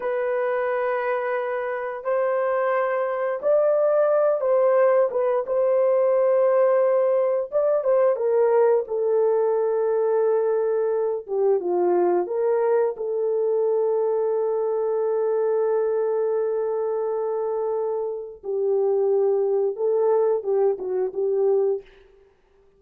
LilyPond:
\new Staff \with { instrumentName = "horn" } { \time 4/4 \tempo 4 = 88 b'2. c''4~ | c''4 d''4. c''4 b'8 | c''2. d''8 c''8 | ais'4 a'2.~ |
a'8 g'8 f'4 ais'4 a'4~ | a'1~ | a'2. g'4~ | g'4 a'4 g'8 fis'8 g'4 | }